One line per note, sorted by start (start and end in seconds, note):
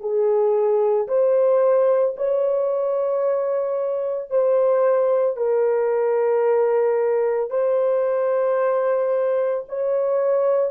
0.00 1.07 G#4
1.08 2.15 C5
2.16 4.30 C#5
4.30 5.37 C5
5.37 7.50 A#4
7.50 9.64 C5
9.68 10.70 C#5